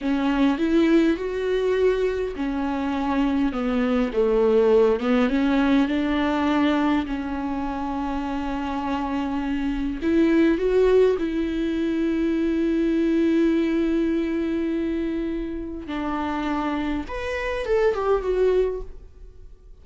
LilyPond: \new Staff \with { instrumentName = "viola" } { \time 4/4 \tempo 4 = 102 cis'4 e'4 fis'2 | cis'2 b4 a4~ | a8 b8 cis'4 d'2 | cis'1~ |
cis'4 e'4 fis'4 e'4~ | e'1~ | e'2. d'4~ | d'4 b'4 a'8 g'8 fis'4 | }